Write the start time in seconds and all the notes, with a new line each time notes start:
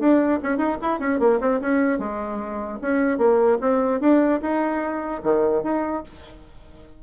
0.00 D4
0.43 C#4
0.58 D#4
0.82 E4
1.00 C#4
1.20 A#3
1.41 C4
1.61 C#4
1.99 G#3
2.82 C#4
3.19 A#3
3.61 C4
4.01 D4
4.42 D#4
5.24 D#3
5.64 D#4